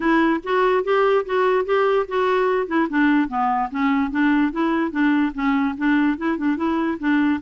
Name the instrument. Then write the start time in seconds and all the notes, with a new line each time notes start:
clarinet
0.00 E4
0.43 F#4
0.84 G4
1.25 F#4
1.65 G4
2.08 F#4
2.67 E4
2.89 D4
3.28 B3
3.70 C#4
4.11 D4
4.51 E4
4.91 D4
5.34 C#4
5.77 D4
6.17 E4
6.37 D4
6.56 E4
6.99 D4